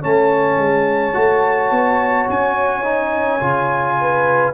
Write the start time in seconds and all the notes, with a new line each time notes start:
0.00 A3 C#4 C#5 A5
0.57 G#3
1.13 A3 F#4
1.71 B3
2.29 C#4 G#5
2.83 D#4
3.40 C#3 F4
4.01 B4